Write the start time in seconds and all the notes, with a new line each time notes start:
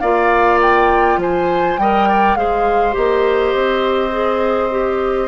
0.00 A#3 F4 D5 F5
0.62 G5
1.17 F3 C5 G#5
1.78 G3 A#4 D#5 G5
2.09 D5
2.36 G#3 G#4 C5 F5
2.93 A#3 G4 D#5
3.54 C4
4.12 G#4
4.71 G4